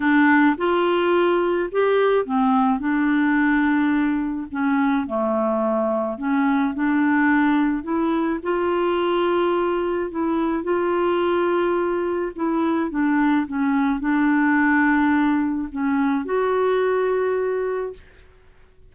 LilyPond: \new Staff \with { instrumentName = "clarinet" } { \time 4/4 \tempo 4 = 107 d'4 f'2 g'4 | c'4 d'2. | cis'4 a2 cis'4 | d'2 e'4 f'4~ |
f'2 e'4 f'4~ | f'2 e'4 d'4 | cis'4 d'2. | cis'4 fis'2. | }